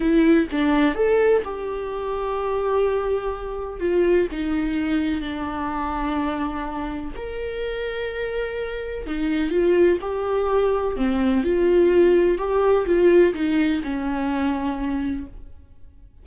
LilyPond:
\new Staff \with { instrumentName = "viola" } { \time 4/4 \tempo 4 = 126 e'4 d'4 a'4 g'4~ | g'1 | f'4 dis'2 d'4~ | d'2. ais'4~ |
ais'2. dis'4 | f'4 g'2 c'4 | f'2 g'4 f'4 | dis'4 cis'2. | }